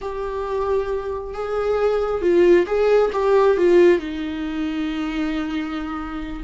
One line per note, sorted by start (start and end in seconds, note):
0.01 1.33 G4
1.33 2.21 G#4
2.21 2.65 F4
2.66 3.10 G#4
3.12 3.57 G4
3.57 3.98 F4
3.98 6.43 D#4